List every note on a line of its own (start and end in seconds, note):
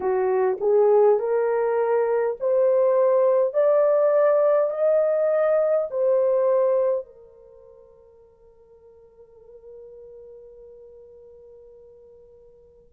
0.00 0.57 F#4
0.60 1.19 G#4
1.19 2.36 A#4
2.40 3.53 C5
3.53 4.70 D5
4.70 5.88 D#5
5.90 7.05 C5
7.05 12.93 A#4